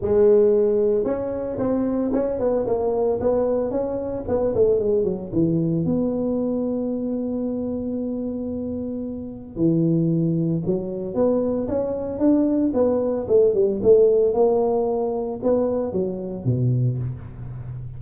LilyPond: \new Staff \with { instrumentName = "tuba" } { \time 4/4 \tempo 4 = 113 gis2 cis'4 c'4 | cis'8 b8 ais4 b4 cis'4 | b8 a8 gis8 fis8 e4 b4~ | b1~ |
b2 e2 | fis4 b4 cis'4 d'4 | b4 a8 g8 a4 ais4~ | ais4 b4 fis4 b,4 | }